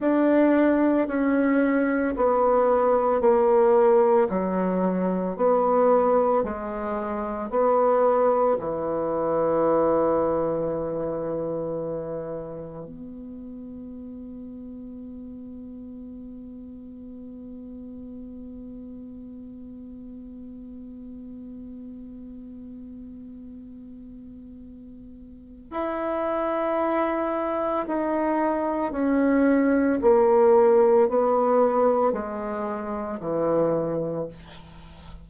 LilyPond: \new Staff \with { instrumentName = "bassoon" } { \time 4/4 \tempo 4 = 56 d'4 cis'4 b4 ais4 | fis4 b4 gis4 b4 | e1 | b1~ |
b1~ | b1 | e'2 dis'4 cis'4 | ais4 b4 gis4 e4 | }